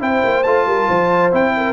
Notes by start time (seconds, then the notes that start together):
0.00 C4 E4 C5 G5
0.24 A#3
0.43 A3 F4 A5
0.67 G3 A#4
0.88 F3 C5
1.32 C4 E4 G5
1.56 A#4